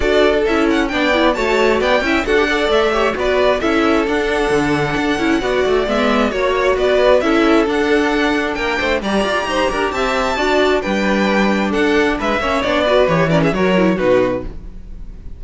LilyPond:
<<
  \new Staff \with { instrumentName = "violin" } { \time 4/4 \tempo 4 = 133 d''4 e''8 fis''8 g''4 a''4 | g''4 fis''4 e''4 d''4 | e''4 fis''2.~ | fis''4 e''4 cis''4 d''4 |
e''4 fis''2 g''4 | ais''2 a''2 | g''2 fis''4 e''4 | d''4 cis''8 d''16 e''16 cis''4 b'4 | }
  \new Staff \with { instrumentName = "violin" } { \time 4/4 a'2 d''4 cis''4 | d''8 e''8 a'8 d''4 cis''8 b'4 | a'1 | d''2 cis''4 b'4 |
a'2. ais'8 c''8 | d''4 c''8 ais'8 e''4 d''4 | b'2 a'4 b'8 cis''8~ | cis''8 b'4 ais'16 gis'16 ais'4 fis'4 | }
  \new Staff \with { instrumentName = "viola" } { \time 4/4 fis'4 e'4 d'8 e'8 fis'4~ | fis'8 e'8 fis'16 g'16 a'4 g'8 fis'4 | e'4 d'2~ d'8 e'8 | fis'4 b4 fis'2 |
e'4 d'2. | g'2. fis'4 | d'2.~ d'8 cis'8 | d'8 fis'8 g'8 cis'8 fis'8 e'8 dis'4 | }
  \new Staff \with { instrumentName = "cello" } { \time 4/4 d'4 cis'4 b4 a4 | b8 cis'8 d'4 a4 b4 | cis'4 d'4 d4 d'8 cis'8 | b8 a8 gis4 ais4 b4 |
cis'4 d'2 ais8 a8 | g8 f'8 dis'8 d'8 c'4 d'4 | g2 d'4 gis8 ais8 | b4 e4 fis4 b,4 | }
>>